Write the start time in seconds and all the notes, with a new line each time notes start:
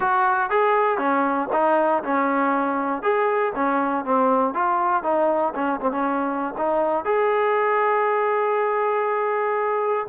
0.00 F#4
0.50 G#4
0.98 C#4
1.52 D#4
2.03 C#4
3.02 G#4
3.55 C#4
4.04 C4
4.54 F4
5.03 D#4
5.54 C#4
5.80 C4
5.91 C#4
6.57 D#4
7.04 G#4